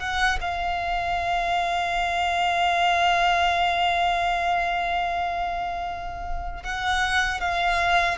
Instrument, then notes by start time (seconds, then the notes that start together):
violin
0.00 F#5
0.41 F5
6.63 F#5
7.41 F5